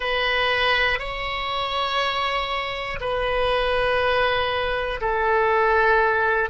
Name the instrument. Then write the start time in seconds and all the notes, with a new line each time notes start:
oboe
0.00 B4
0.99 C#5
3.00 B4
5.00 A4